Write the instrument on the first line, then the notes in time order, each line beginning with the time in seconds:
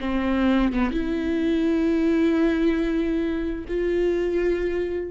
viola
0.00 C4
0.73 B3
0.91 E4
3.68 F4